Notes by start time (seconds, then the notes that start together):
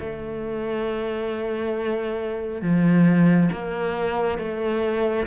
0.00 A3
2.62 F3
3.53 A#3
4.38 A3